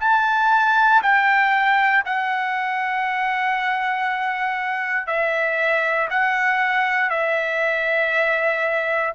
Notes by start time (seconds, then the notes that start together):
0.00 A5
1.02 G5
2.05 F#5
5.07 E5
6.10 F#5
7.10 E5